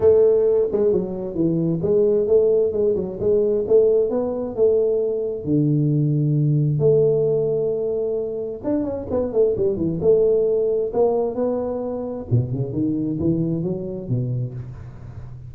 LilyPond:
\new Staff \with { instrumentName = "tuba" } { \time 4/4 \tempo 4 = 132 a4. gis8 fis4 e4 | gis4 a4 gis8 fis8 gis4 | a4 b4 a2 | d2. a4~ |
a2. d'8 cis'8 | b8 a8 g8 e8 a2 | ais4 b2 b,8 cis8 | dis4 e4 fis4 b,4 | }